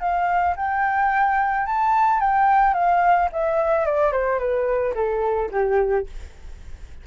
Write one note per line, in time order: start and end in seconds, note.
0.00 0.55 F5
0.56 1.66 G5
1.66 2.20 A5
2.20 2.74 G5
2.74 3.29 F5
3.32 3.85 E5
3.85 4.12 D5
4.12 4.39 C5
4.39 4.94 B4
4.95 5.50 A4
5.51 6.07 G4